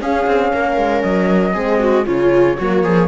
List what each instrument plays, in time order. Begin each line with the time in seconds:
0.00 horn C#4, cello C#4, viola G#4, flute F5
0.27 cello C4
0.54 cello A#3, viola A#4
0.77 cello G#3
1.02 cello F#3, flute D#5
1.53 cello G#3, horn C4, viola G#4
1.80 viola F#4
2.06 cello C#3, horn C#4, viola F4, flute C#5
2.58 cello F#3, horn A#3, viola F#4
2.83 cello F3, viola G#4